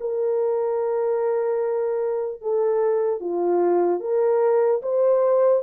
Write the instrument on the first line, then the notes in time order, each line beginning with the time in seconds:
horn
0.00 A#4
2.41 A4
3.20 F4
4.00 A#4
4.82 C5